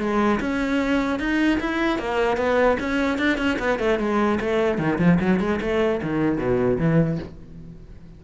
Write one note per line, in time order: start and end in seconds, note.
0.00 0.40 G#3
0.40 1.19 C#4
1.19 1.59 D#4
1.61 1.99 E4
1.99 2.37 A#3
2.37 2.77 B3
2.80 3.18 C#4
3.18 3.38 D4
3.38 3.58 C#4
3.59 3.79 B3
3.79 3.99 A3
3.99 4.39 G#3
4.41 4.78 A3
4.78 4.98 D#3
4.99 5.19 F3
5.20 5.40 F#3
5.40 5.60 G#3
5.61 6.01 A3
6.03 6.38 D#3
6.38 6.78 B2
6.79 7.19 E3